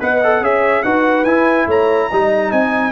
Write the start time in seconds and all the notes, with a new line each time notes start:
0.00 B3 B4 D#5 F#5
0.23 A4
0.41 C#4 G#4 C#5 E5
0.83 D#4 F#4 B4 F#5
1.24 E4 G#5
1.67 A3 C#5 A#5
2.10 G3 D#4 D#5
2.52 C4 G#5